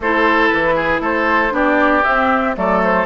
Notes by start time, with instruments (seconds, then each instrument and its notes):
0.00 bassoon A3, clarinet E4, oboe A4, flute C5
0.48 bassoon E3, flute B4
0.75 oboe G#4
1.00 bassoon A3, oboe A4, flute C5
1.51 bassoon B3, clarinet D4, oboe G4, flute D5
2.04 clarinet C4, bassoon C4, flute E5
2.55 bassoon F#3, clarinet A3, oboe A4, flute D5
2.83 flute C5